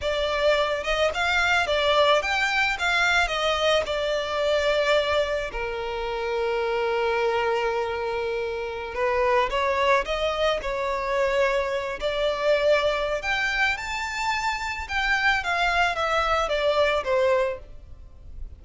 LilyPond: \new Staff \with { instrumentName = "violin" } { \time 4/4 \tempo 4 = 109 d''4. dis''8 f''4 d''4 | g''4 f''4 dis''4 d''4~ | d''2 ais'2~ | ais'1~ |
ais'16 b'4 cis''4 dis''4 cis''8.~ | cis''4.~ cis''16 d''2~ d''16 | g''4 a''2 g''4 | f''4 e''4 d''4 c''4 | }